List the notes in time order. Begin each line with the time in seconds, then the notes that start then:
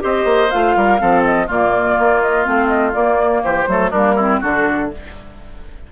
0.00 C4 G4 C5 D#5
0.25 A#3
0.51 A3 F4 F5
0.76 G3 A#4
0.99 F3 C4 A4
1.24 D#5
1.47 A#2 A#3 F4 D5
1.99 A#3
2.21 D#5
2.45 A3 C4 F5
2.68 D#5
2.94 A#3 D5
3.44 E3 G4 C5
3.68 F#3 A3 A4
3.91 G3 A#3 D4 A#4
4.15 C4 E4
4.40 D3 D4 F#4 A4